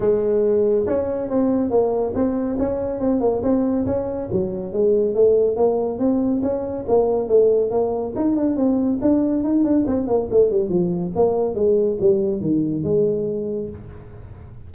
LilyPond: \new Staff \with { instrumentName = "tuba" } { \time 4/4 \tempo 4 = 140 gis2 cis'4 c'4 | ais4 c'4 cis'4 c'8 ais8 | c'4 cis'4 fis4 gis4 | a4 ais4 c'4 cis'4 |
ais4 a4 ais4 dis'8 d'8 | c'4 d'4 dis'8 d'8 c'8 ais8 | a8 g8 f4 ais4 gis4 | g4 dis4 gis2 | }